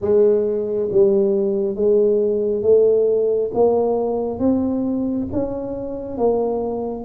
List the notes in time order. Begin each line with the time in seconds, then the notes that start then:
0.01 G#3
0.91 G3
1.75 G#3
2.62 A3
3.54 A#3
4.39 C4
5.32 C#4
6.17 A#3